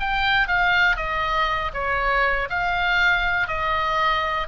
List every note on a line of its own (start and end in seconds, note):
0.00 0.47 G5
0.47 0.96 F5
0.96 1.71 D#5
1.73 2.48 C#5
2.50 3.47 F5
3.47 4.47 D#5